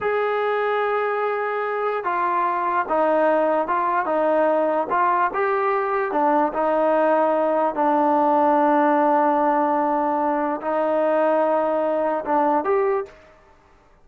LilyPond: \new Staff \with { instrumentName = "trombone" } { \time 4/4 \tempo 4 = 147 gis'1~ | gis'4 f'2 dis'4~ | dis'4 f'4 dis'2 | f'4 g'2 d'4 |
dis'2. d'4~ | d'1~ | d'2 dis'2~ | dis'2 d'4 g'4 | }